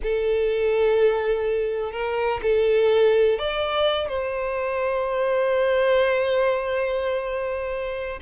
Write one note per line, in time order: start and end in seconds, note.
0.02 1.92 A4
1.92 2.40 A#4
2.42 3.38 A4
3.38 4.08 D5
4.08 8.19 C5